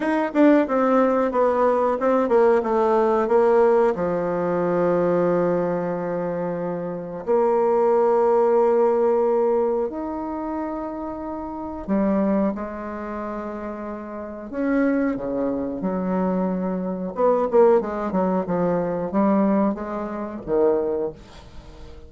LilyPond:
\new Staff \with { instrumentName = "bassoon" } { \time 4/4 \tempo 4 = 91 dis'8 d'8 c'4 b4 c'8 ais8 | a4 ais4 f2~ | f2. ais4~ | ais2. dis'4~ |
dis'2 g4 gis4~ | gis2 cis'4 cis4 | fis2 b8 ais8 gis8 fis8 | f4 g4 gis4 dis4 | }